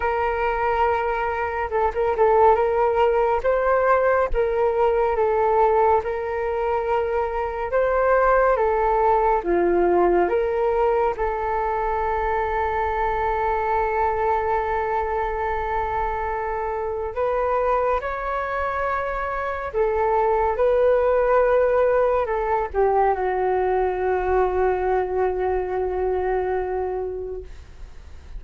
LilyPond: \new Staff \with { instrumentName = "flute" } { \time 4/4 \tempo 4 = 70 ais'2 a'16 ais'16 a'8 ais'4 | c''4 ais'4 a'4 ais'4~ | ais'4 c''4 a'4 f'4 | ais'4 a'2.~ |
a'1 | b'4 cis''2 a'4 | b'2 a'8 g'8 fis'4~ | fis'1 | }